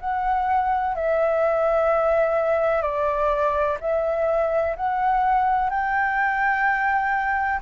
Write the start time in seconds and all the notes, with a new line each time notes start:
0.00 F#5
0.95 E5
2.82 D5
3.81 E5
4.77 F#5
5.70 G5